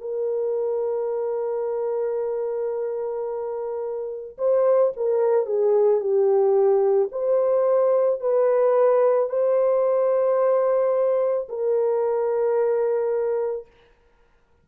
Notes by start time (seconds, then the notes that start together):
0.00 A#4
4.38 C5
4.96 A#4
5.46 G#4
6.00 G4
7.12 C5
8.20 B4
9.29 C5
11.48 A#4